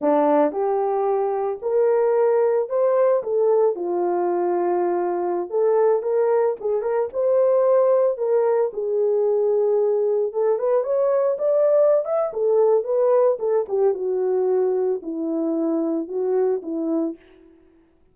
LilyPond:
\new Staff \with { instrumentName = "horn" } { \time 4/4 \tempo 4 = 112 d'4 g'2 ais'4~ | ais'4 c''4 a'4 f'4~ | f'2~ f'16 a'4 ais'8.~ | ais'16 gis'8 ais'8 c''2 ais'8.~ |
ais'16 gis'2. a'8 b'16~ | b'16 cis''4 d''4~ d''16 e''8 a'4 | b'4 a'8 g'8 fis'2 | e'2 fis'4 e'4 | }